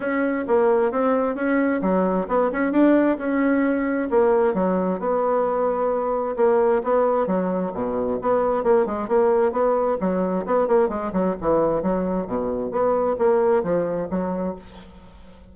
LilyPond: \new Staff \with { instrumentName = "bassoon" } { \time 4/4 \tempo 4 = 132 cis'4 ais4 c'4 cis'4 | fis4 b8 cis'8 d'4 cis'4~ | cis'4 ais4 fis4 b4~ | b2 ais4 b4 |
fis4 b,4 b4 ais8 gis8 | ais4 b4 fis4 b8 ais8 | gis8 fis8 e4 fis4 b,4 | b4 ais4 f4 fis4 | }